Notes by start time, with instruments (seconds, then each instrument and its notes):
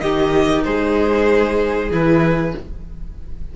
0.00 cello D#3, viola D#4, violin G4 D#5
0.64 cello G#3, violin G#4 C5
1.91 cello E3, viola E4, violin B4